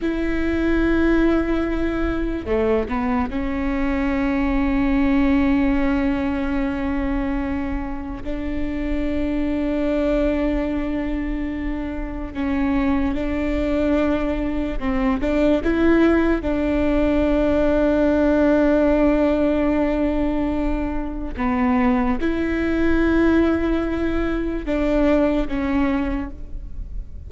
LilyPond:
\new Staff \with { instrumentName = "viola" } { \time 4/4 \tempo 4 = 73 e'2. a8 b8 | cis'1~ | cis'2 d'2~ | d'2. cis'4 |
d'2 c'8 d'8 e'4 | d'1~ | d'2 b4 e'4~ | e'2 d'4 cis'4 | }